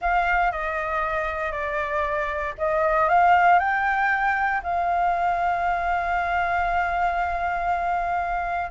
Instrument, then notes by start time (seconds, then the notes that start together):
flute
0.01 F5
0.51 D#5
1.51 D5
2.58 D#5
3.08 F5
3.59 G5
4.63 F5